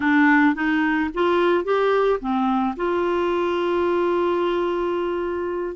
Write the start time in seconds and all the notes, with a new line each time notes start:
0.00 D4
0.54 D#4
1.14 F4
1.64 G4
2.20 C4
2.76 F4